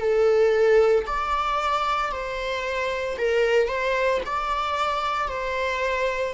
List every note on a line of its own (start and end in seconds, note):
0.00 1.05 A4
1.06 2.11 D5
2.11 3.17 C5
3.17 3.68 A#4
3.68 4.21 C5
4.25 5.28 D5
5.28 6.33 C5